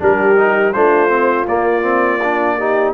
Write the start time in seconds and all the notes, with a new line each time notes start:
0.00 G3 D4 G4 A#4
0.37 D#4
0.73 A3 D4 F4 C5
1.10 C4
1.47 A#3 D5
1.83 C4
2.23 D4
2.59 D#4 G4